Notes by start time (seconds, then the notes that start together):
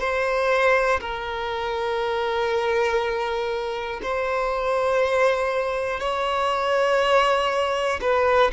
0.00 C5
1.00 A#4
4.02 C5
6.00 C#5
8.01 B4